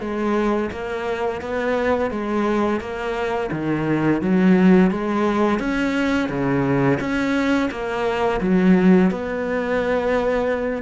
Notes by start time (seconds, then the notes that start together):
0.00 G#3
0.71 A#3
1.41 B3
2.11 G#3
2.80 A#3
3.51 D#3
4.21 F#3
4.91 G#3
5.59 C#4
6.29 C#3
7.00 C#4
7.70 A#3
8.41 F#3
9.10 B3